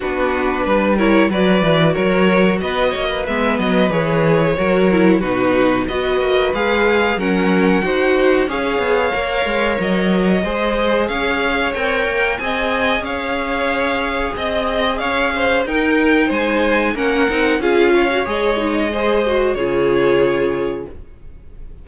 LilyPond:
<<
  \new Staff \with { instrumentName = "violin" } { \time 4/4 \tempo 4 = 92 b'4. cis''8 d''4 cis''4 | dis''4 e''8 dis''8 cis''2 | b'4 dis''4 f''4 fis''4~ | fis''4 f''2 dis''4~ |
dis''4 f''4 g''4 gis''4 | f''2 dis''4 f''4 | g''4 gis''4 fis''4 f''4 | dis''2 cis''2 | }
  \new Staff \with { instrumentName = "violin" } { \time 4/4 fis'4 b'8 ais'8 b'4 ais'4 | b'8 cis''16 b'2~ b'16 ais'4 | fis'4 b'2 ais'4 | c''4 cis''2. |
c''4 cis''2 dis''4 | cis''2 dis''4 cis''8 c''8 | ais'4 c''4 ais'4 gis'8 cis''8~ | cis''4 c''4 gis'2 | }
  \new Staff \with { instrumentName = "viola" } { \time 4/4 d'4. e'8 fis'2~ | fis'4 b4 gis'4 fis'8 e'8 | dis'4 fis'4 gis'4 cis'4 | fis'4 gis'4 ais'2 |
gis'2 ais'4 gis'4~ | gis'1 | dis'2 cis'8 dis'8 f'8. fis'16 | gis'8 dis'8 gis'8 fis'8 f'2 | }
  \new Staff \with { instrumentName = "cello" } { \time 4/4 b4 g4 fis8 e8 fis4 | b8 ais8 gis8 fis8 e4 fis4 | b,4 b8 ais8 gis4 fis4 | dis'4 cis'8 b8 ais8 gis8 fis4 |
gis4 cis'4 c'8 ais8 c'4 | cis'2 c'4 cis'4 | dis'4 gis4 ais8 c'8 cis'4 | gis2 cis2 | }
>>